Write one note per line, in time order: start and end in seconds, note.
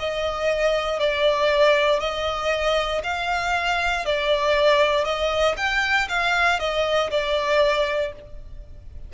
0.00 1.00 D#5
1.00 2.01 D5
2.01 3.02 D#5
3.04 4.06 F5
4.06 5.05 D5
5.05 5.56 D#5
5.58 6.09 G5
6.09 6.60 F5
6.60 7.11 D#5
7.11 8.13 D5